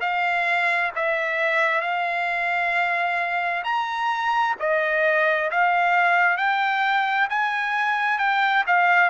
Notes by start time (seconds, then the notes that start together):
0.00 F5
0.95 E5
1.81 F5
3.64 A#5
4.59 D#5
5.50 F5
6.37 G5
7.29 G#5
8.18 G5
8.67 F5